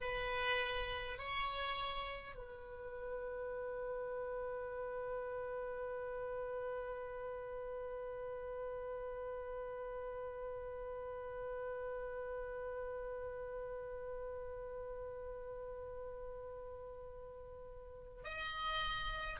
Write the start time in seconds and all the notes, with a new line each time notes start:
0.00 B4
1.18 C#5
2.35 B4
18.24 D#5